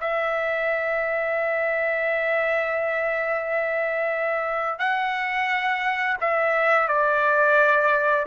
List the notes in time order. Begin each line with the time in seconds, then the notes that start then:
0.00 E5
4.79 F#5
6.20 E5
6.88 D5